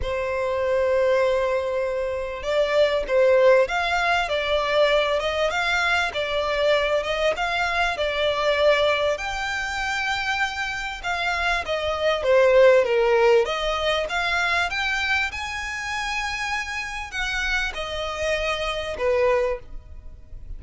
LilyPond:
\new Staff \with { instrumentName = "violin" } { \time 4/4 \tempo 4 = 98 c''1 | d''4 c''4 f''4 d''4~ | d''8 dis''8 f''4 d''4. dis''8 | f''4 d''2 g''4~ |
g''2 f''4 dis''4 | c''4 ais'4 dis''4 f''4 | g''4 gis''2. | fis''4 dis''2 b'4 | }